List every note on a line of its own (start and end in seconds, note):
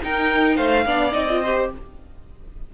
0.00 0.85 D#4
0.00 0.57 D#4
0.00 0.56 A#4
0.00 0.56 G5
0.56 0.85 A3
0.56 0.84 C5
0.56 1.13 F5
0.85 1.13 B3
0.85 1.12 D4
0.85 1.41 D5
1.12 1.70 C4
1.12 1.26 D#4
1.12 1.69 D#5
1.29 1.44 F4
1.41 1.74 G4
1.41 1.69 C5